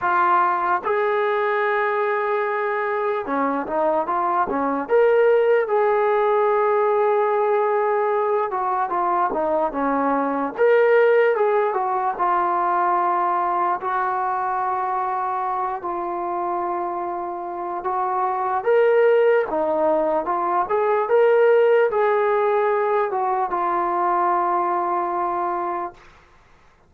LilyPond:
\new Staff \with { instrumentName = "trombone" } { \time 4/4 \tempo 4 = 74 f'4 gis'2. | cis'8 dis'8 f'8 cis'8 ais'4 gis'4~ | gis'2~ gis'8 fis'8 f'8 dis'8 | cis'4 ais'4 gis'8 fis'8 f'4~ |
f'4 fis'2~ fis'8 f'8~ | f'2 fis'4 ais'4 | dis'4 f'8 gis'8 ais'4 gis'4~ | gis'8 fis'8 f'2. | }